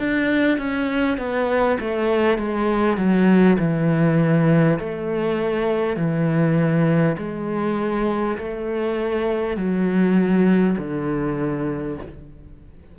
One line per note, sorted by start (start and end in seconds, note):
0.00 0.58 D4
0.58 1.18 C#4
1.18 1.78 B3
1.81 2.38 A3
2.38 2.98 G#3
2.98 3.58 F#3
3.59 4.79 E3
4.79 5.97 A3
5.97 7.17 E3
7.18 8.38 G#3
8.39 9.57 A3
9.57 10.77 F#3
10.79 11.99 D3